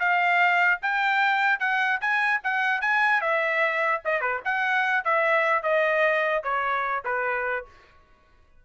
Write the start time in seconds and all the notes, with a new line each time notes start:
0.00 F5
0.82 G5
1.60 F#5
2.01 G#5
2.44 F#5
2.82 G#5
3.21 E5
4.05 D#5
4.21 B4
4.45 F#5
5.05 E5
5.63 D#5
6.43 C#5
7.05 B4